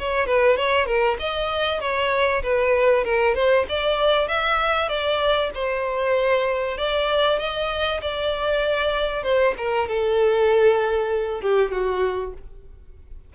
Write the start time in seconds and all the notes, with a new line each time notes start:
0.00 C#5
0.27 B4
0.57 C#5
0.87 A#4
1.20 D#5
1.81 C#5
2.43 B4
3.05 A#4
3.35 C5
3.69 D5
4.29 E5
4.89 D5
5.55 C5
6.78 D5
7.39 D#5
8.02 D5
9.24 C5
9.58 A#4
9.89 A4
11.42 G4
11.72 F#4